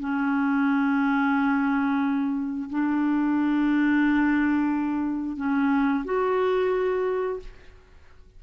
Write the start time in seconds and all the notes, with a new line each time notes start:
0.00 C#4
2.70 D4
5.37 C#4
6.05 F#4